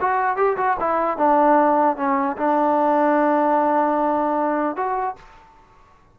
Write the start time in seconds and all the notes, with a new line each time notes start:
0.00 F#4
0.36 G4
0.57 F#4
0.79 E4
1.17 D4
1.96 C#4
2.37 D4
4.76 F#4